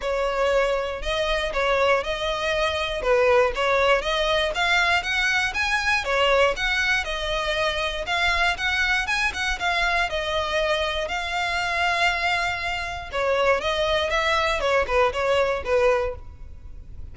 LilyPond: \new Staff \with { instrumentName = "violin" } { \time 4/4 \tempo 4 = 119 cis''2 dis''4 cis''4 | dis''2 b'4 cis''4 | dis''4 f''4 fis''4 gis''4 | cis''4 fis''4 dis''2 |
f''4 fis''4 gis''8 fis''8 f''4 | dis''2 f''2~ | f''2 cis''4 dis''4 | e''4 cis''8 b'8 cis''4 b'4 | }